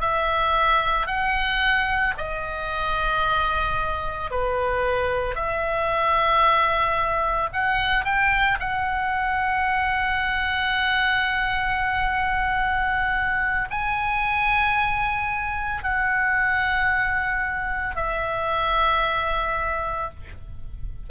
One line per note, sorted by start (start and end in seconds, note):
0.00 1.07 E5
1.07 2.14 F#5
2.17 4.31 D#5
4.31 5.35 B4
5.35 7.50 E5
7.53 8.05 F#5
8.05 8.59 G5
8.60 13.69 F#5
13.70 15.83 G#5
15.83 17.96 F#5
17.96 20.10 E5